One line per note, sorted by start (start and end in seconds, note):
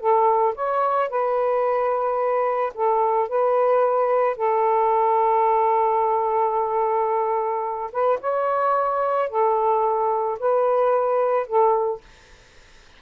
0.00 0.55 A4
0.55 1.10 C#5
1.10 2.73 B4
2.74 3.29 A4
3.29 4.37 B4
4.37 7.91 A4
7.92 8.19 B4
8.21 9.30 C#5
9.30 10.39 A4
10.40 11.47 B4
11.47 12.01 A4